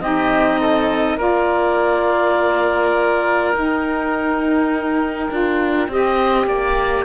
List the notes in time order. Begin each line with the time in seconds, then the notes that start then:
0.00 C4 D#4 G4 D#5
0.60 A4
1.17 A#3 F4 A#4 D5
3.52 D#4 G5
5.30 D4 F4
5.88 C4 G4 D#5
6.46 A#3 D5